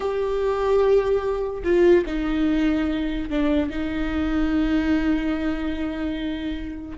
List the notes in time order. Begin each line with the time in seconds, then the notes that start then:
0.00 G4
1.63 F4
2.06 D#4
3.29 D4
3.69 D#4